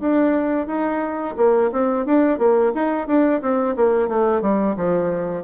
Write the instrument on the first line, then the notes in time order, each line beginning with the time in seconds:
bassoon
0.00 D4
0.67 D#4
1.36 A#3
1.72 C4
2.05 D4
2.38 A#3
2.74 D#4
3.07 D4
3.41 C4
3.76 A#3
4.08 A3
4.41 G3
4.76 F3